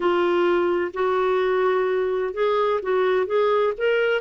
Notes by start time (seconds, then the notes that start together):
0.00 F4
0.93 F#4
2.33 G#4
2.82 F#4
3.26 G#4
3.77 A#4